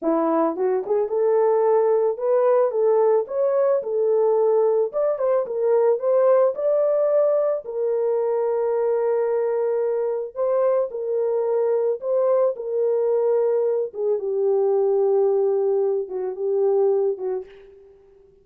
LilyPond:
\new Staff \with { instrumentName = "horn" } { \time 4/4 \tempo 4 = 110 e'4 fis'8 gis'8 a'2 | b'4 a'4 cis''4 a'4~ | a'4 d''8 c''8 ais'4 c''4 | d''2 ais'2~ |
ais'2. c''4 | ais'2 c''4 ais'4~ | ais'4. gis'8 g'2~ | g'4. fis'8 g'4. fis'8 | }